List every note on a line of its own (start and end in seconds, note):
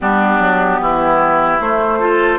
0.00 0.39 G3
0.00 1.60 B3
0.00 0.81 D4
0.00 1.60 G4
0.39 0.79 F#3
0.79 1.59 E3
0.79 1.99 E4
1.60 2.39 A3
1.60 2.00 A3
1.60 2.39 C5
1.99 2.39 F4
1.99 2.39 A4